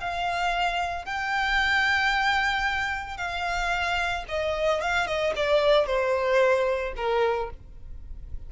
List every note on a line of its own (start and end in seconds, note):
0.00 1.05 F5
1.05 3.17 G5
3.17 4.24 F5
4.28 4.81 D#5
4.81 5.06 F5
5.06 5.33 D#5
5.36 5.86 D5
5.86 6.94 C5
6.96 7.50 A#4